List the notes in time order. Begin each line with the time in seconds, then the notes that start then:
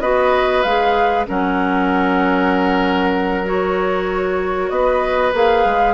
0.00 B3 F#4 B4 D#5
0.62 G#3 G#4 F5
1.26 F#3 C#4 A#4 F#5
3.44 F#4 C#5
4.69 B3 B4 D#5
5.33 A#3 G#4 F5
5.65 G#3